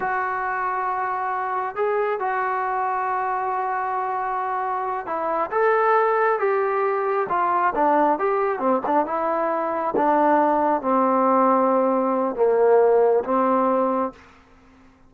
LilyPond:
\new Staff \with { instrumentName = "trombone" } { \time 4/4 \tempo 4 = 136 fis'1 | gis'4 fis'2.~ | fis'2.~ fis'8 e'8~ | e'8 a'2 g'4.~ |
g'8 f'4 d'4 g'4 c'8 | d'8 e'2 d'4.~ | d'8 c'2.~ c'8 | ais2 c'2 | }